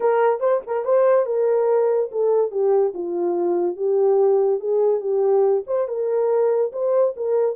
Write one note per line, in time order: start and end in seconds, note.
0.00 0.39 A#4
0.39 0.60 C5
0.67 0.84 A#4
0.84 1.25 C5
1.25 2.09 A#4
2.11 2.51 A4
2.51 2.93 G4
2.94 3.76 F4
3.76 4.60 G4
4.60 5.00 G#4
5.00 5.63 G4
5.66 5.87 C5
5.87 6.71 A#4
6.72 7.14 C5
7.16 7.55 A#4